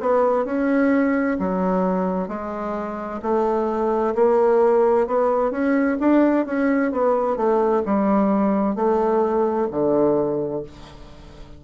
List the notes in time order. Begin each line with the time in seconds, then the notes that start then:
0.00 B3
0.45 C#4
1.39 F#3
2.28 G#3
3.22 A3
4.15 A#3
5.07 B3
5.51 C#4
6.00 D4
6.46 C#4
6.92 B3
7.36 A3
7.85 G3
8.75 A3
9.71 D3